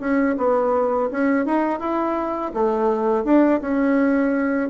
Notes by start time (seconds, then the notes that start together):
0.00 C#4
0.38 B3
1.11 C#4
1.46 D#4
1.80 E4
2.54 A3
3.24 D4
3.61 C#4